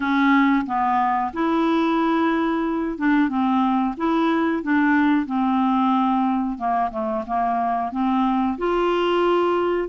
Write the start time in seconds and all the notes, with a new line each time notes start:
0.00 C#4
0.66 B3
1.33 E4
2.98 D4
3.28 C4
3.97 E4
4.62 D4
5.26 C4
6.58 A#3
6.91 A3
7.26 A#3
7.91 C4
8.58 F4